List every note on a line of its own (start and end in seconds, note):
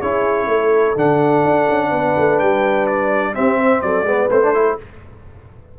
0.00 0.47 C#4
0.00 0.96 E4
0.00 0.48 G#4
0.00 0.96 C#5
0.47 0.94 A3
0.47 1.87 A4
0.96 1.43 D3
0.96 3.34 D4
0.96 2.38 F#5
1.44 1.68 D4
1.68 1.91 C#4
1.87 2.15 B3
1.87 3.30 B4
2.17 2.40 A3
2.38 3.36 G3
2.38 2.86 G5
2.86 3.34 D5
3.34 4.05 C4
3.34 3.82 C4
3.34 3.58 G4
3.34 3.81 E5
3.58 3.81 C5
3.81 4.02 F#3
3.81 4.07 A4
3.81 4.29 D5
4.02 4.26 G#3
4.02 4.30 B3
4.02 4.52 B4
4.30 4.78 A3
4.30 4.42 C4
4.30 4.78 C5
4.42 4.54 D4
4.52 4.78 E4
4.52 4.76 A4